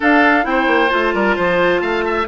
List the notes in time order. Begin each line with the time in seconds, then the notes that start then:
0.00 D4 A4 F5
0.42 C4 E4 G5
0.49 C5
0.67 A#3
0.89 A3 F4 A5
1.13 G3 A#4
1.36 F3 C5
1.81 A3 F5
2.04 E5